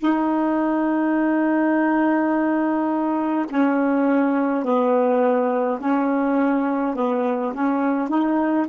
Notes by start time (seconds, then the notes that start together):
0.00 D#4
3.49 C#4
4.64 B3
5.80 C#4
6.95 B3
7.54 C#4
8.09 D#4